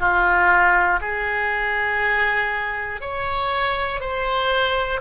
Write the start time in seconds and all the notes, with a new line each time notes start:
0.00 F4
1.00 G#4
3.01 C#5
4.00 C5